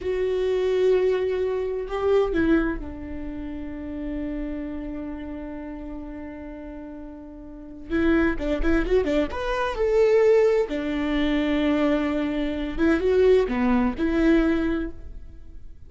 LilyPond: \new Staff \with { instrumentName = "viola" } { \time 4/4 \tempo 4 = 129 fis'1 | g'4 e'4 d'2~ | d'1~ | d'1~ |
d'4 e'4 d'8 e'8 fis'8 d'8 | b'4 a'2 d'4~ | d'2.~ d'8 e'8 | fis'4 b4 e'2 | }